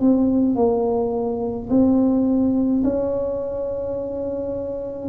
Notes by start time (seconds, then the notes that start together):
0.00 C4
0.56 A#3
1.70 C4
2.84 C#4